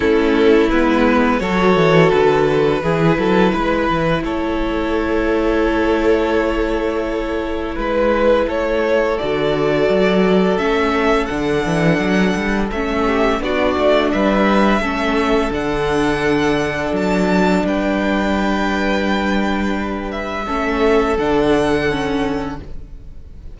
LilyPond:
<<
  \new Staff \with { instrumentName = "violin" } { \time 4/4 \tempo 4 = 85 a'4 b'4 cis''4 b'4~ | b'2 cis''2~ | cis''2. b'4 | cis''4 d''2 e''4 |
fis''2 e''4 d''4 | e''2 fis''2 | a''4 g''2.~ | g''8 e''4. fis''2 | }
  \new Staff \with { instrumentName = "violin" } { \time 4/4 e'2 a'2 | gis'8 a'8 b'4 a'2~ | a'2. b'4 | a'1~ |
a'2~ a'8 g'8 fis'4 | b'4 a'2.~ | a'4 b'2.~ | b'4 a'2. | }
  \new Staff \with { instrumentName = "viola" } { \time 4/4 cis'4 b4 fis'2 | e'1~ | e'1~ | e'4 fis'2 cis'4 |
d'2 cis'4 d'4~ | d'4 cis'4 d'2~ | d'1~ | d'4 cis'4 d'4 cis'4 | }
  \new Staff \with { instrumentName = "cello" } { \time 4/4 a4 gis4 fis8 e8 d4 | e8 fis8 gis8 e8 a2~ | a2. gis4 | a4 d4 fis4 a4 |
d8 e8 fis8 g8 a4 b8 a8 | g4 a4 d2 | fis4 g2.~ | g4 a4 d2 | }
>>